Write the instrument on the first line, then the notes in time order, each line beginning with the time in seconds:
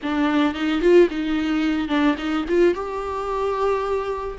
viola
0.02 D4
0.54 D#4
0.81 F4
1.10 D#4
1.88 D4
2.17 D#4
2.48 F4
2.74 G4